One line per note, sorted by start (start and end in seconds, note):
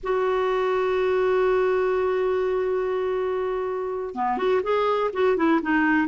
0.03 4.15 F#4
4.15 4.37 B3
4.37 4.61 F#4
4.63 5.10 G#4
5.13 5.36 F#4
5.36 5.60 E4
5.62 6.07 D#4